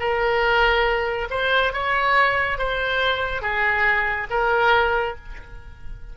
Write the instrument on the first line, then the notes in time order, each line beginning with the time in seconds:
oboe
0.00 A#4
1.31 C5
1.73 C#5
2.58 C5
3.42 G#4
4.30 A#4